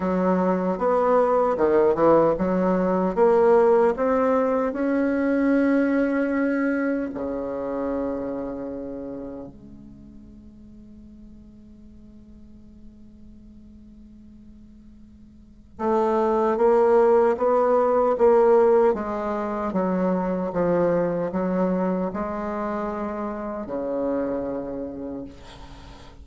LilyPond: \new Staff \with { instrumentName = "bassoon" } { \time 4/4 \tempo 4 = 76 fis4 b4 dis8 e8 fis4 | ais4 c'4 cis'2~ | cis'4 cis2. | gis1~ |
gis1 | a4 ais4 b4 ais4 | gis4 fis4 f4 fis4 | gis2 cis2 | }